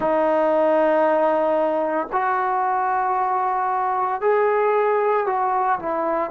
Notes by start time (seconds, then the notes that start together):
0.00 D#4
2.12 F#4
4.21 G#4
5.26 F#4
5.79 E4